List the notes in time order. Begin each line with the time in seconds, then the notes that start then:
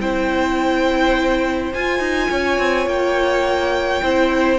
0.00 C4 E4 C5 G5
1.74 F4 G#5
2.00 D#4
2.31 C#4 C#5
2.59 C4
2.87 A#3 G5
4.03 C4 E4 C5